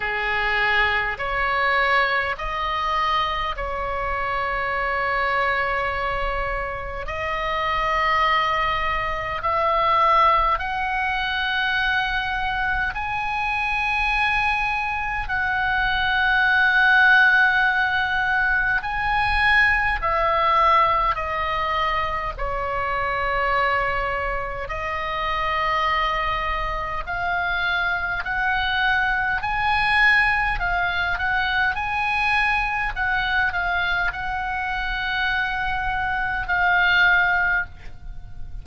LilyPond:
\new Staff \with { instrumentName = "oboe" } { \time 4/4 \tempo 4 = 51 gis'4 cis''4 dis''4 cis''4~ | cis''2 dis''2 | e''4 fis''2 gis''4~ | gis''4 fis''2. |
gis''4 e''4 dis''4 cis''4~ | cis''4 dis''2 f''4 | fis''4 gis''4 f''8 fis''8 gis''4 | fis''8 f''8 fis''2 f''4 | }